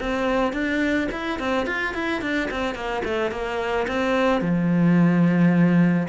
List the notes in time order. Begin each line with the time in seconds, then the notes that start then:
0.00 C4
0.53 D4
1.12 E4
1.39 C4
1.66 F4
1.94 E4
2.21 D4
2.51 C4
2.74 A#3
3.04 A3
3.31 A#3
3.88 C4
4.41 F3